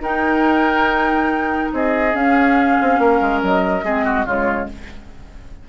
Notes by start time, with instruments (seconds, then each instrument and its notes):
0.00 bassoon D#4, clarinet D#4, oboe A#4, flute G5
1.73 bassoon C4, oboe G#4, flute D#5
2.13 clarinet C#4, bassoon C#4, flute F5
2.81 bassoon C4
2.99 bassoon A#3, oboe A#4
3.21 bassoon G#3
3.43 bassoon F#3, flute D#5
3.83 bassoon G#3, clarinet C4, oboe G#4
4.05 oboe F#4
4.26 bassoon C#3, clarinet G#3, oboe F4, flute C#5